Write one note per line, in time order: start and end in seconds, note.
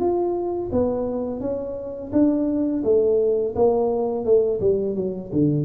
0.00 0.71 F4
0.73 1.41 B3
1.41 2.11 C#4
2.13 2.84 D4
2.84 3.55 A3
3.56 4.25 A#3
4.25 4.60 A3
4.61 4.96 G3
4.96 5.31 F#3
5.33 5.66 D3